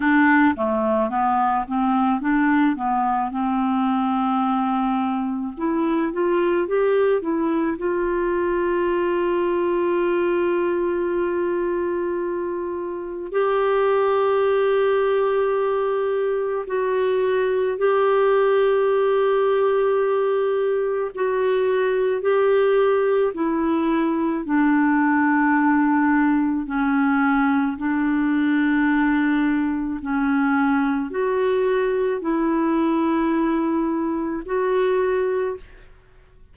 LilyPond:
\new Staff \with { instrumentName = "clarinet" } { \time 4/4 \tempo 4 = 54 d'8 a8 b8 c'8 d'8 b8 c'4~ | c'4 e'8 f'8 g'8 e'8 f'4~ | f'1 | g'2. fis'4 |
g'2. fis'4 | g'4 e'4 d'2 | cis'4 d'2 cis'4 | fis'4 e'2 fis'4 | }